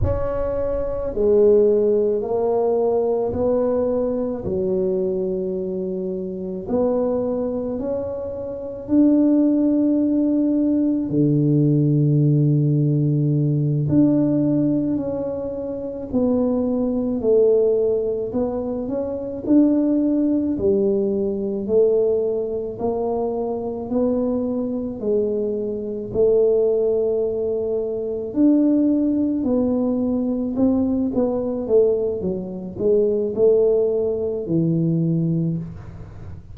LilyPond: \new Staff \with { instrumentName = "tuba" } { \time 4/4 \tempo 4 = 54 cis'4 gis4 ais4 b4 | fis2 b4 cis'4 | d'2 d2~ | d8 d'4 cis'4 b4 a8~ |
a8 b8 cis'8 d'4 g4 a8~ | a8 ais4 b4 gis4 a8~ | a4. d'4 b4 c'8 | b8 a8 fis8 gis8 a4 e4 | }